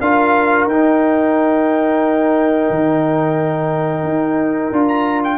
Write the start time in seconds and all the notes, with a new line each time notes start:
0.00 D4 F4 A#4 F5
0.66 D#4 G5
2.70 D#3
4.03 D#4
4.72 D4 F4
4.87 A#5
5.24 G5